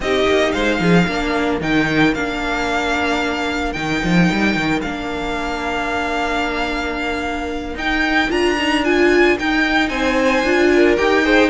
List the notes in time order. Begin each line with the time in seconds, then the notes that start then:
0.00 C4 D#4 G4 D#5
0.26 A#3
0.51 G#3 C5 F5
0.79 F3 G#4
1.06 A#3 D4 A#4
1.60 D#3 D#4 G5
2.14 A#3 D4 F5
3.72 D#3 D#4 G5
4.03 F3
4.31 G3
4.55 D#3
4.81 A#3 D4 F5
7.75 D#4 G5
8.29 D4 F4 A#5
8.57 D#4
8.84 F4 G#5
9.39 D#4 G5
9.88 C4 C5 G#5
10.43 D4 F4
10.75 A#4
10.97 D#4 G4 G5
11.23 G#4 C5